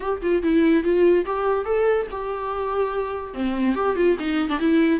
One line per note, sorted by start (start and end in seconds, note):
0.00 0.21 G4
0.21 0.42 F4
0.42 0.83 E4
0.83 1.25 F4
1.25 1.65 G4
1.65 2.07 A4
2.10 3.34 G4
3.34 3.75 C4
3.75 3.96 G4
3.96 4.16 F4
4.19 4.49 D#4
4.49 4.59 D4
4.59 5.00 E4